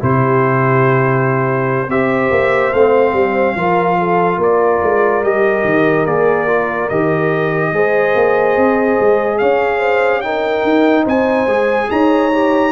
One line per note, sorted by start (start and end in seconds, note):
0.00 1.89 C3
0.00 1.87 E4
0.00 1.90 G4
0.00 1.91 C5
1.89 2.31 C4
1.89 2.74 G4
1.89 3.56 C5
1.89 2.74 E5
2.31 2.73 A#3
2.74 3.13 A3
2.74 3.58 C4
2.74 4.41 F5
3.13 3.55 G3
3.56 4.38 F3
3.56 5.24 F4
3.56 3.98 A#4
3.99 4.38 A4
4.38 4.80 A#3
4.38 7.71 A#4
4.38 5.24 D5
4.84 5.23 G#3
5.23 5.64 G3
5.23 6.07 G4
5.23 6.06 D#5
5.65 6.06 D#3
6.06 6.90 A#3
6.06 6.48 G#4
6.06 6.90 D5
6.48 6.90 F4
6.90 7.73 D#3
6.90 7.74 G4
6.90 9.39 D#5
7.73 8.15 G#3
7.73 10.24 G#4
7.73 9.40 C5
8.15 8.57 A#3
8.57 8.99 C4
9.01 9.42 G#3
9.39 10.64 C#4
9.39 9.79 C#5
9.39 10.21 F5
9.79 10.21 C5
10.21 11.49 D#4
10.21 11.04 A#4
10.21 11.05 G5
10.64 11.06 D#4
11.04 11.47 C4
11.04 11.87 C5
11.04 11.91 G#5
11.47 11.89 G#3
11.47 12.32 G#4
11.91 12.72 D#4
11.91 12.72 C#5
11.91 12.72 A#5
12.32 12.72 G4